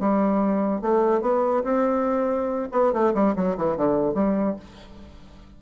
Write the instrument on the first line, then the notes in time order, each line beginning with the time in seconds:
bassoon
0.00 G3
0.82 A3
1.22 B3
1.64 C4
2.72 B3
2.93 A3
3.14 G3
3.36 F#3
3.57 E3
3.77 D3
4.14 G3